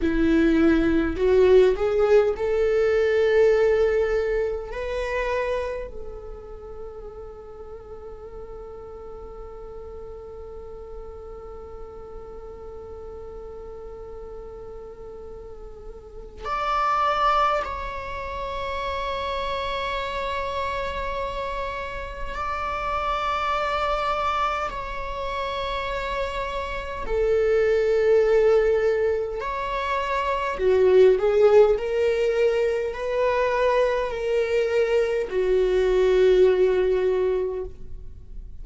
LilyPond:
\new Staff \with { instrumentName = "viola" } { \time 4/4 \tempo 4 = 51 e'4 fis'8 gis'8 a'2 | b'4 a'2.~ | a'1~ | a'2 d''4 cis''4~ |
cis''2. d''4~ | d''4 cis''2 a'4~ | a'4 cis''4 fis'8 gis'8 ais'4 | b'4 ais'4 fis'2 | }